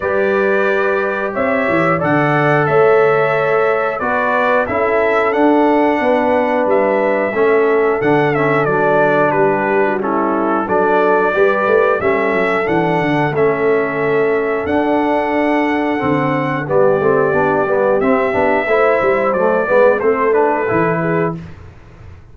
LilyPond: <<
  \new Staff \with { instrumentName = "trumpet" } { \time 4/4 \tempo 4 = 90 d''2 e''4 fis''4 | e''2 d''4 e''4 | fis''2 e''2 | fis''8 e''8 d''4 b'4 a'4 |
d''2 e''4 fis''4 | e''2 fis''2~ | fis''4 d''2 e''4~ | e''4 d''4 c''8 b'4. | }
  \new Staff \with { instrumentName = "horn" } { \time 4/4 b'2 cis''4 d''4 | cis''2 b'4 a'4~ | a'4 b'2 a'4~ | a'2 g'8. fis'16 e'4 |
a'4 b'4 a'2~ | a'1~ | a'4 g'2. | c''4. b'8 a'4. gis'8 | }
  \new Staff \with { instrumentName = "trombone" } { \time 4/4 g'2. a'4~ | a'2 fis'4 e'4 | d'2. cis'4 | d'8 cis'8 d'2 cis'4 |
d'4 g'4 cis'4 d'4 | cis'2 d'2 | c'4 b8 c'8 d'8 b8 c'8 d'8 | e'4 a8 b8 c'8 d'8 e'4 | }
  \new Staff \with { instrumentName = "tuba" } { \time 4/4 g2 c'8 e8 d4 | a2 b4 cis'4 | d'4 b4 g4 a4 | d4 fis4 g2 |
fis4 g8 a8 g8 fis8 e8 d8 | a2 d'2 | d4 g8 a8 b8 g8 c'8 b8 | a8 g8 fis8 gis8 a4 e4 | }
>>